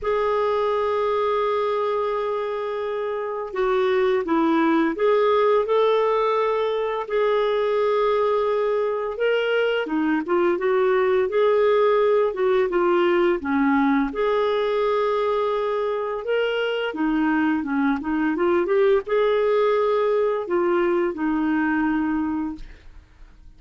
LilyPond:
\new Staff \with { instrumentName = "clarinet" } { \time 4/4 \tempo 4 = 85 gis'1~ | gis'4 fis'4 e'4 gis'4 | a'2 gis'2~ | gis'4 ais'4 dis'8 f'8 fis'4 |
gis'4. fis'8 f'4 cis'4 | gis'2. ais'4 | dis'4 cis'8 dis'8 f'8 g'8 gis'4~ | gis'4 f'4 dis'2 | }